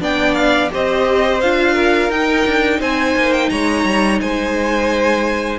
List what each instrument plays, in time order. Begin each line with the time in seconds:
0.00 cello B3, viola D4, violin D5 G5
0.34 violin F5
0.71 cello C4, viola G4, violin C5 D#5
1.41 cello D4, viola F4, violin F5
1.73 violin A#4
2.10 cello D#4, viola D#4, violin G5
2.46 cello D4
2.80 cello C4, violin C5 G#5
3.16 cello A#3
3.33 violin G5
3.49 cello G#3, violin C#5 A#5
3.84 cello G3
4.20 cello G#3, violin C5 G#5